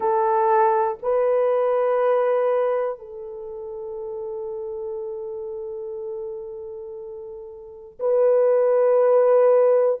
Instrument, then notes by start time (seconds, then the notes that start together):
horn
0.00 A4
1.02 B4
2.98 A4
8.00 B4